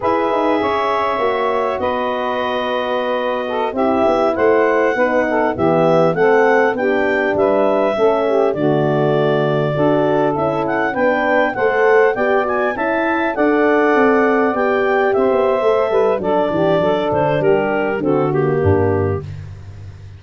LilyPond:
<<
  \new Staff \with { instrumentName = "clarinet" } { \time 4/4 \tempo 4 = 100 e''2. dis''4~ | dis''2~ dis''16 e''4 fis''8.~ | fis''4~ fis''16 e''4 fis''4 g''8.~ | g''16 e''2 d''4.~ d''16~ |
d''4~ d''16 e''8 fis''8 g''4 fis''8.~ | fis''16 g''8 gis''8 a''4 fis''4.~ fis''16~ | fis''16 g''4 e''4.~ e''16 d''4~ | d''8 c''8 ais'4 a'8 g'4. | }
  \new Staff \with { instrumentName = "saxophone" } { \time 4/4 b'4 cis''2 b'4~ | b'4.~ b'16 a'8 g'4 c''8.~ | c''16 b'8 a'8 g'4 a'4 g'8.~ | g'16 b'4 a'8 g'8 fis'4.~ fis'16~ |
fis'16 a'2 b'4 c''8.~ | c''16 d''4 e''4 d''4.~ d''16~ | d''4~ d''16 c''4~ c''16 b'8 a'8 g'8 | a'4 g'4 fis'4 d'4 | }
  \new Staff \with { instrumentName = "horn" } { \time 4/4 gis'2 fis'2~ | fis'2~ fis'16 e'4.~ e'16~ | e'16 dis'4 b4 c'4 d'8.~ | d'4~ d'16 cis'4 a4.~ a16~ |
a16 fis'4 e'4 d'4 a'8.~ | a'16 g'8 fis'8 e'4 a'4.~ a'16~ | a'16 g'4.~ g'16 a'4 d'4~ | d'2 c'8 ais4. | }
  \new Staff \with { instrumentName = "tuba" } { \time 4/4 e'8 dis'8 cis'4 ais4 b4~ | b2~ b16 c'8 b8 a8.~ | a16 b4 e4 a4 b8.~ | b16 g4 a4 d4.~ d16~ |
d16 d'4 cis'4 b4 a8.~ | a16 b4 cis'4 d'4 c'8.~ | c'16 b4 c'16 b8 a8 g8 fis8 e8 | fis8 d8 g4 d4 g,4 | }
>>